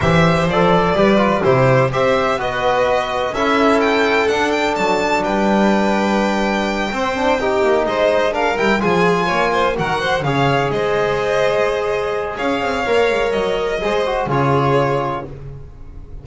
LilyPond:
<<
  \new Staff \with { instrumentName = "violin" } { \time 4/4 \tempo 4 = 126 e''4 d''2 c''4 | e''4 dis''2 e''4 | g''4 fis''8 g''8 a''4 g''4~ | g''1~ |
g''8 dis''4 f''8 g''8 gis''4.~ | gis''8 fis''4 f''4 dis''4.~ | dis''2 f''2 | dis''2 cis''2 | }
  \new Staff \with { instrumentName = "violin" } { \time 4/4 c''2 b'4 g'4 | c''4 b'2 a'4~ | a'2. b'4~ | b'2~ b'8 c''4 g'8~ |
g'8 c''4 ais'4 gis'4 cis''8 | c''8 ais'8 c''8 cis''4 c''4.~ | c''2 cis''2~ | cis''4 c''4 gis'2 | }
  \new Staff \with { instrumentName = "trombone" } { \time 4/4 g'4 a'4 g'8 f'8 e'4 | g'4 fis'2 e'4~ | e'4 d'2.~ | d'2~ d'8 c'8 d'8 dis'8~ |
dis'4. d'8 e'8 f'4.~ | f'8 fis'4 gis'2~ gis'8~ | gis'2. ais'4~ | ais'4 gis'8 fis'8 f'2 | }
  \new Staff \with { instrumentName = "double bass" } { \time 4/4 e4 f4 g4 c4 | c'4 b2 cis'4~ | cis'4 d'4 fis4 g4~ | g2~ g8 c'4. |
ais8 gis4. g8 f4 ais8~ | ais8 dis4 cis4 gis4.~ | gis2 cis'8 c'8 ais8 gis8 | fis4 gis4 cis2 | }
>>